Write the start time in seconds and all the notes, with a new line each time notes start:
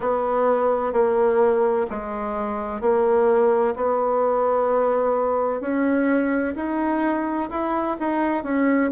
0.00 B3
0.92 A#3
1.90 G#3
2.80 A#3
3.75 B3
5.60 C#4
6.55 D#4
7.50 E4
7.99 D#4
8.43 C#4